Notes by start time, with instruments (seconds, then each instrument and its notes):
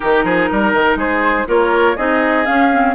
0.00 bassoon D#3, clarinet D#4, oboe G4, flute A#4
0.24 bassoon F3, oboe G#4
0.51 bassoon G3, oboe A#4
0.73 bassoon D#3
0.95 bassoon G#3, oboe G#4, flute C5
1.47 bassoon A#3, clarinet F4, oboe A#4, flute C#5
1.96 bassoon C4, clarinet D#4, oboe G#4, flute D#5
2.45 clarinet C#4, bassoon C#4, flute F5
2.71 clarinet C4